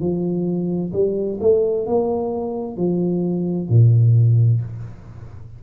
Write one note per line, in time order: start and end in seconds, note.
0.00 0.92 F3
0.93 1.39 G3
1.40 1.86 A3
1.86 2.77 A#3
2.77 3.69 F3
3.69 4.61 A#2